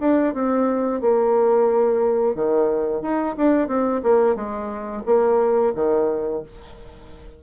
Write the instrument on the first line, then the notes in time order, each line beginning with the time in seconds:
bassoon
0.00 D4
0.34 C4
1.01 A#3
2.35 D#3
3.02 D#4
3.37 D4
3.68 C4
4.03 A#3
4.35 G#3
5.06 A#3
5.75 D#3